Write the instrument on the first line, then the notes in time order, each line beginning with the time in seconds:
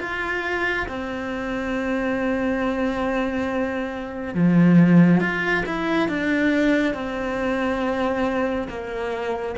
cello
0.00 F4
0.88 C4
4.34 F3
5.21 F4
5.66 E4
6.09 D4
6.94 C4
8.68 A#3